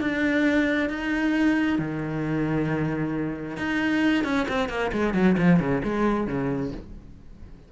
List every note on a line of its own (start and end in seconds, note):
0.00 0.89 D4
0.89 1.78 D#4
1.78 3.57 D#3
3.57 4.24 D#4
4.24 4.47 C#4
4.48 4.69 C4
4.69 4.91 A#3
4.92 5.14 G#3
5.14 5.36 F#3
5.38 5.59 F3
5.59 5.82 C#3
5.84 6.27 G#3
6.27 6.71 C#3